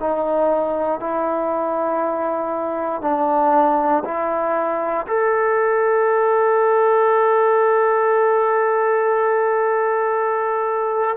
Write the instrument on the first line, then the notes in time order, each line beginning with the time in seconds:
trombone
0.00 D#4
1.00 E4
3.02 D4
4.05 E4
5.07 A4